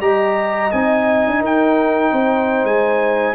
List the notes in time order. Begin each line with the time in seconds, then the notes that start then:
0.00 G3 G4 D#5 A#5
0.71 C4 D#4 G#5
1.26 D4
1.40 D#4 A#4 G5
2.11 C4 C5
2.63 G#3 G#5